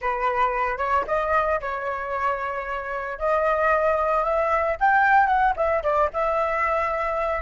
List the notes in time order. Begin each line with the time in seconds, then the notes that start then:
0.01 B4
0.78 C#5
1.07 D#5
1.60 C#5
3.18 D#5
4.23 E5
4.80 G5
5.27 F#5
5.56 E5
5.83 D5
6.13 E5